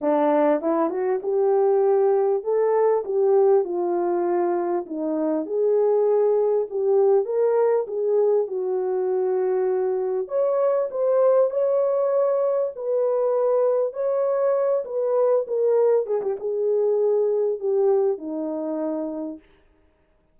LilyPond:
\new Staff \with { instrumentName = "horn" } { \time 4/4 \tempo 4 = 99 d'4 e'8 fis'8 g'2 | a'4 g'4 f'2 | dis'4 gis'2 g'4 | ais'4 gis'4 fis'2~ |
fis'4 cis''4 c''4 cis''4~ | cis''4 b'2 cis''4~ | cis''8 b'4 ais'4 gis'16 g'16 gis'4~ | gis'4 g'4 dis'2 | }